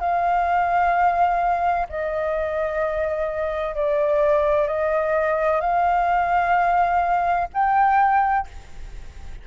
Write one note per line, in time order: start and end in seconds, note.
0.00 1.87 F5
1.90 3.75 D#5
3.75 4.68 D5
4.68 5.61 D#5
5.61 7.48 F5
7.54 8.48 G5